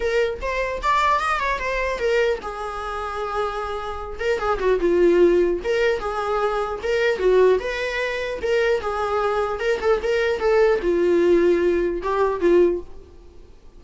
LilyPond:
\new Staff \with { instrumentName = "viola" } { \time 4/4 \tempo 4 = 150 ais'4 c''4 d''4 dis''8 cis''8 | c''4 ais'4 gis'2~ | gis'2~ gis'8 ais'8 gis'8 fis'8 | f'2 ais'4 gis'4~ |
gis'4 ais'4 fis'4 b'4~ | b'4 ais'4 gis'2 | ais'8 a'8 ais'4 a'4 f'4~ | f'2 g'4 f'4 | }